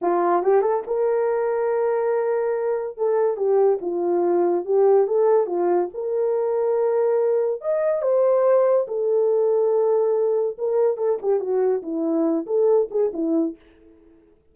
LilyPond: \new Staff \with { instrumentName = "horn" } { \time 4/4 \tempo 4 = 142 f'4 g'8 a'8 ais'2~ | ais'2. a'4 | g'4 f'2 g'4 | a'4 f'4 ais'2~ |
ais'2 dis''4 c''4~ | c''4 a'2.~ | a'4 ais'4 a'8 g'8 fis'4 | e'4. a'4 gis'8 e'4 | }